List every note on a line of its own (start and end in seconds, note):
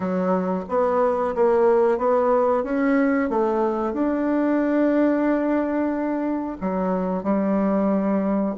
0.00 0.64 F#3
0.68 1.34 B3
1.35 1.98 A#3
1.98 2.63 B3
2.63 3.29 C#4
3.29 3.93 A3
3.93 6.57 D4
6.61 7.23 F#3
7.23 8.55 G3